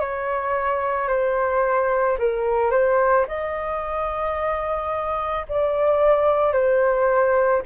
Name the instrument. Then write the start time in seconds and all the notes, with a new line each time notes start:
flute
0.00 C#5
1.08 C5
2.18 A#4
2.71 C5
3.28 D#5
5.48 D5
6.53 C5